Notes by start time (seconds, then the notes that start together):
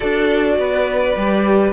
0.00 D4 F#4 A4 D5
0.58 B3 B4
1.16 G3 G4